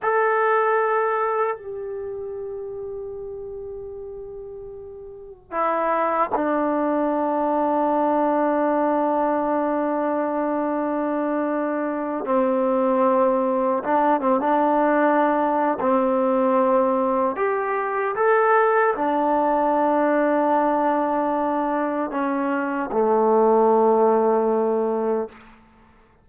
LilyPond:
\new Staff \with { instrumentName = "trombone" } { \time 4/4 \tempo 4 = 76 a'2 g'2~ | g'2. e'4 | d'1~ | d'2.~ d'8 c'8~ |
c'4. d'8 c'16 d'4.~ d'16 | c'2 g'4 a'4 | d'1 | cis'4 a2. | }